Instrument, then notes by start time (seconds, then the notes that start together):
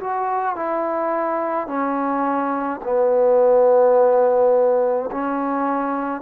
trombone
0.00 F#4
0.56 E4
1.67 C#4
2.84 B3
5.11 C#4